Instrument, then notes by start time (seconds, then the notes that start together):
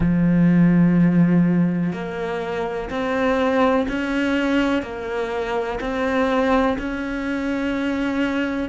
cello
0.00 F3
1.93 A#3
2.90 C4
3.88 C#4
4.82 A#3
5.80 C4
6.78 C#4